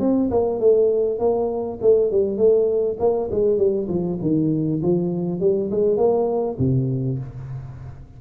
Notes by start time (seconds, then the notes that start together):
0.00 C4
0.31 A#3
0.60 A3
1.19 A#3
1.82 A3
2.11 G3
2.37 A3
2.99 A#3
3.31 G#3
3.58 G3
3.88 F3
4.21 D#3
4.82 F3
5.40 G3
5.71 G#3
5.97 A#3
6.58 C3